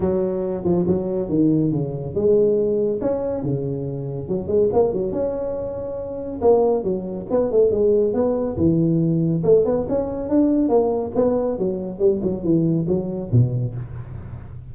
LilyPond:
\new Staff \with { instrumentName = "tuba" } { \time 4/4 \tempo 4 = 140 fis4. f8 fis4 dis4 | cis4 gis2 cis'4 | cis2 fis8 gis8 ais8 fis8 | cis'2. ais4 |
fis4 b8 a8 gis4 b4 | e2 a8 b8 cis'4 | d'4 ais4 b4 fis4 | g8 fis8 e4 fis4 b,4 | }